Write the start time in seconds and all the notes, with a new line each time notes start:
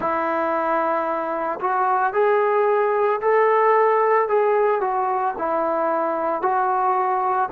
0.00 E4
1.60 F#4
2.13 G#4
3.21 A4
4.28 G#4
4.81 F#4
5.38 E4
6.42 F#4